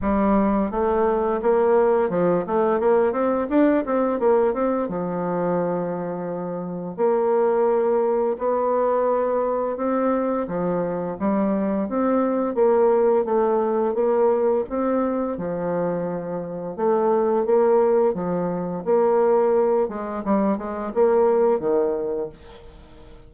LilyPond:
\new Staff \with { instrumentName = "bassoon" } { \time 4/4 \tempo 4 = 86 g4 a4 ais4 f8 a8 | ais8 c'8 d'8 c'8 ais8 c'8 f4~ | f2 ais2 | b2 c'4 f4 |
g4 c'4 ais4 a4 | ais4 c'4 f2 | a4 ais4 f4 ais4~ | ais8 gis8 g8 gis8 ais4 dis4 | }